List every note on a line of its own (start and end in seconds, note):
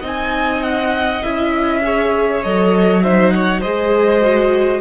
0.00 1.23 C4
0.00 1.21 D#4
0.00 1.80 D#5
0.06 0.62 G#5
0.62 1.22 F#5
1.22 2.44 C#4
1.22 1.82 E4
1.22 2.42 E5
1.82 2.43 G#4
1.82 3.03 C#5
2.42 3.64 F#3
2.42 3.02 A4
2.42 3.02 D#5
3.02 3.62 D#4
3.02 3.33 C5
3.02 3.30 E5
3.30 3.60 C#5
3.30 3.60 F#5
3.60 4.80 G#3
3.60 4.21 G#4
3.60 4.80 C5
3.60 4.80 D#5
4.21 4.80 F#4